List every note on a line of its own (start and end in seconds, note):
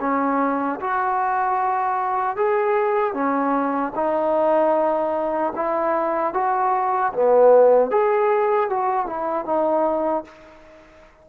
0.00 0.79 C#4
0.80 2.36 F#4
2.36 3.13 G#4
3.13 3.92 C#4
3.95 5.53 D#4
5.55 6.33 E4
6.33 7.12 F#4
7.13 7.90 B3
7.90 8.69 G#4
8.69 9.06 F#4
9.06 9.45 E4
9.45 10.24 D#4